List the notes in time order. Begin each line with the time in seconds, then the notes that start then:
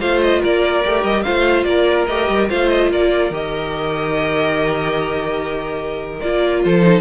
0.00 A3 F4 C5 F5
0.22 D#5
0.41 A#3 A#4 D5
0.84 A3 G4
1.03 G3 D#5
1.22 A3 F4 C5 F5
1.64 A#3 A#4 D5
2.06 A3 G4 D#5
2.28 G3
2.49 A3 F4 C5 F5
2.69 D#5
2.91 A#3 A#4 D5
3.30 D#3 G4 D#5
6.21 A#3 F4 D5
6.64 F3 A4 C5
6.82 D#4